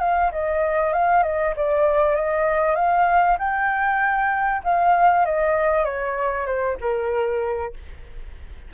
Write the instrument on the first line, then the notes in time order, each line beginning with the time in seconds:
flute
0.00 F5
0.32 D#5
0.93 F5
1.23 D#5
1.56 D5
2.16 D#5
2.76 F5
3.39 G5
4.64 F5
5.25 D#5
5.85 C#5
6.46 C5
6.81 A#4